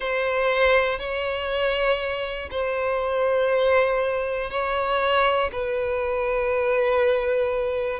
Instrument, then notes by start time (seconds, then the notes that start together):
violin
0.00 C5
0.99 C#5
2.50 C5
4.50 C#5
5.52 B4